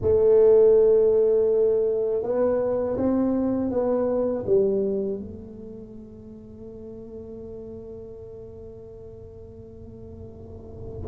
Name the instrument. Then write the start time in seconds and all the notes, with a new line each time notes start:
tuba
0.01 A3
2.22 B3
2.97 C4
3.70 B3
4.46 G3
5.19 A3